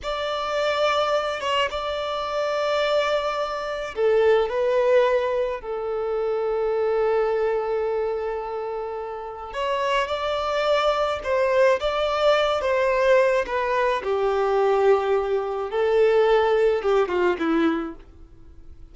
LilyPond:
\new Staff \with { instrumentName = "violin" } { \time 4/4 \tempo 4 = 107 d''2~ d''8 cis''8 d''4~ | d''2. a'4 | b'2 a'2~ | a'1~ |
a'4 cis''4 d''2 | c''4 d''4. c''4. | b'4 g'2. | a'2 g'8 f'8 e'4 | }